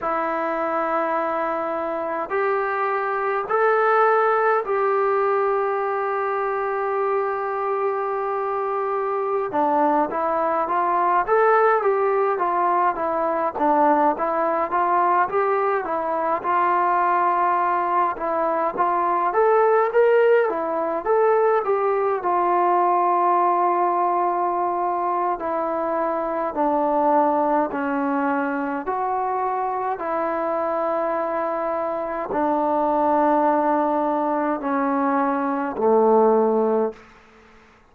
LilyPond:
\new Staff \with { instrumentName = "trombone" } { \time 4/4 \tempo 4 = 52 e'2 g'4 a'4 | g'1~ | g'16 d'8 e'8 f'8 a'8 g'8 f'8 e'8 d'16~ | d'16 e'8 f'8 g'8 e'8 f'4. e'16~ |
e'16 f'8 a'8 ais'8 e'8 a'8 g'8 f'8.~ | f'2 e'4 d'4 | cis'4 fis'4 e'2 | d'2 cis'4 a4 | }